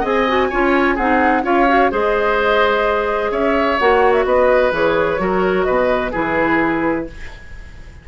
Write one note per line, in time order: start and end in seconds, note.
0.00 0.50 C4
0.00 0.26 G#4
0.00 0.47 D#5
0.06 0.96 G#5
0.28 0.51 F#4
0.50 0.98 C#4
0.50 0.98 F4
0.50 0.95 C#5
0.95 1.43 C4
0.95 1.43 D#4
0.95 1.42 G#4
0.95 1.43 F#5
1.43 1.90 C#4
1.43 1.66 F4
1.43 1.91 C#5
1.43 1.92 F5
1.68 1.91 F#4
1.91 3.31 G#3
1.91 3.78 G#4
1.91 3.31 C5
1.91 3.32 D#5
3.31 3.78 C#4
3.31 4.25 C#5
3.31 3.78 E5
3.79 4.25 A#3
3.79 4.72 F#4
3.79 4.12 F#5
4.12 4.24 E5
4.25 4.71 B3
4.25 5.21 B4
4.25 4.72 D#5
4.71 5.18 E3
4.71 5.17 G#4
4.71 5.63 C#5
5.17 5.66 F#3
5.17 6.11 F#4
5.17 5.66 A#4
5.63 6.14 B2
5.63 6.11 B4
5.63 6.10 D#5
6.11 7.08 E3
6.11 7.07 E4
6.11 7.05 G#4
6.11 7.07 B4